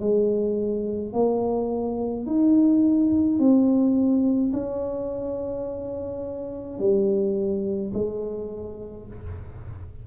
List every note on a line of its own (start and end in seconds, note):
0.00 1.13 G#3
1.13 2.26 A#3
2.26 3.39 D#4
3.39 4.52 C4
4.53 6.79 C#4
6.79 7.92 G3
7.94 9.07 G#3